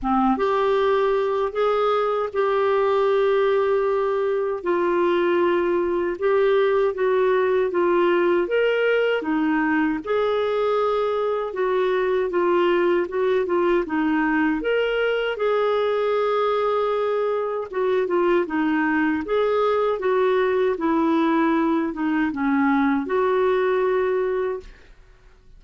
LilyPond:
\new Staff \with { instrumentName = "clarinet" } { \time 4/4 \tempo 4 = 78 c'8 g'4. gis'4 g'4~ | g'2 f'2 | g'4 fis'4 f'4 ais'4 | dis'4 gis'2 fis'4 |
f'4 fis'8 f'8 dis'4 ais'4 | gis'2. fis'8 f'8 | dis'4 gis'4 fis'4 e'4~ | e'8 dis'8 cis'4 fis'2 | }